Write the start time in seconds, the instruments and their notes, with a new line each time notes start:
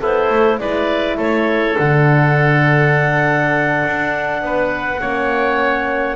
0.00 double bass B3, oboe E4, horn A4, clarinet C5
0.29 double bass A3
0.58 double bass G#3, horn E4, oboe B4, clarinet D5
1.17 double bass A3, oboe A4, clarinet C#5
1.78 double bass D3, horn D4, clarinet F#5
3.85 double bass D4
4.42 double bass B3, oboe B4
5.00 double bass A#3, horn C#4, oboe C#5